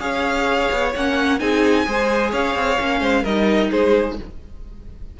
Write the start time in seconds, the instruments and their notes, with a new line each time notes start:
0.00 cello C#4, viola G#4, violin C#5 F5
0.71 cello B3
0.96 cello A#3, viola C#4, violin F#5
1.39 cello C4, viola D#4, violin G#4 G#5
1.86 cello G#3, viola G#4, violin C5
2.31 cello C#4, violin C#5 F5
2.55 cello C4
2.79 cello A#3, viola C#4
3.01 cello G#3, violin C5
3.23 cello G3, viola D#4, violin A#4 D#5
3.71 cello G#3, violin G#4 C5